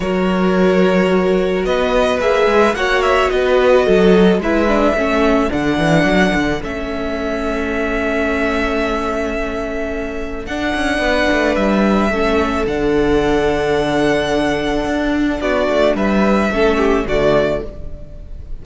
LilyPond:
<<
  \new Staff \with { instrumentName = "violin" } { \time 4/4 \tempo 4 = 109 cis''2. dis''4 | e''4 fis''8 e''8 dis''2 | e''2 fis''2 | e''1~ |
e''2. fis''4~ | fis''4 e''2 fis''4~ | fis''1 | d''4 e''2 d''4 | }
  \new Staff \with { instrumentName = "violin" } { \time 4/4 ais'2. b'4~ | b'4 cis''4 b'4 a'4 | b'4 a'2.~ | a'1~ |
a'1 | b'2 a'2~ | a'1 | fis'4 b'4 a'8 g'8 fis'4 | }
  \new Staff \with { instrumentName = "viola" } { \time 4/4 fis'1 | gis'4 fis'2. | e'8 d'8 cis'4 d'2 | cis'1~ |
cis'2. d'4~ | d'2 cis'4 d'4~ | d'1~ | d'2 cis'4 a4 | }
  \new Staff \with { instrumentName = "cello" } { \time 4/4 fis2. b4 | ais8 gis8 ais4 b4 fis4 | gis4 a4 d8 e8 fis8 d8 | a1~ |
a2. d'8 cis'8 | b8 a8 g4 a4 d4~ | d2. d'4 | b8 a8 g4 a4 d4 | }
>>